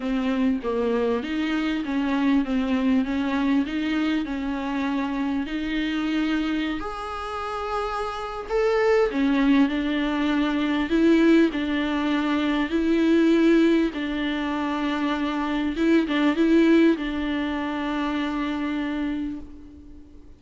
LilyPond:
\new Staff \with { instrumentName = "viola" } { \time 4/4 \tempo 4 = 99 c'4 ais4 dis'4 cis'4 | c'4 cis'4 dis'4 cis'4~ | cis'4 dis'2~ dis'16 gis'8.~ | gis'2 a'4 cis'4 |
d'2 e'4 d'4~ | d'4 e'2 d'4~ | d'2 e'8 d'8 e'4 | d'1 | }